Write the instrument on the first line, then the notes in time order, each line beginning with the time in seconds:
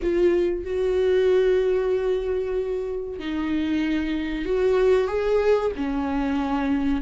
viola
0.02 F4
0.64 F#4
3.19 D#4
4.45 F#4
5.07 G#4
5.76 C#4